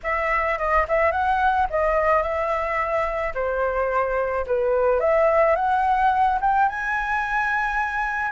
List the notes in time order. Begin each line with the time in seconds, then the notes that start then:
0.03 E5
0.58 D#5
0.88 E5
1.11 F#5
1.69 D#5
2.22 E5
3.34 C5
4.46 B4
5.00 E5
5.55 F#5
6.40 G5
6.68 G#5